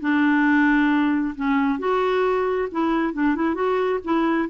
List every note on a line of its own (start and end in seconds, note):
0.00 1.34 D4
1.35 1.79 C#4
1.79 2.68 F#4
2.71 3.13 E4
3.13 3.35 D4
3.35 3.54 E4
3.54 3.99 F#4
4.04 4.49 E4